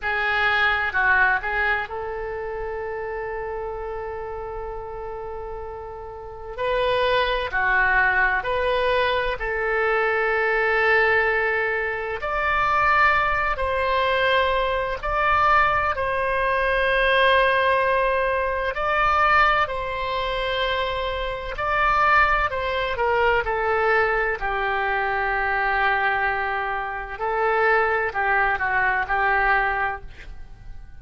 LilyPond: \new Staff \with { instrumentName = "oboe" } { \time 4/4 \tempo 4 = 64 gis'4 fis'8 gis'8 a'2~ | a'2. b'4 | fis'4 b'4 a'2~ | a'4 d''4. c''4. |
d''4 c''2. | d''4 c''2 d''4 | c''8 ais'8 a'4 g'2~ | g'4 a'4 g'8 fis'8 g'4 | }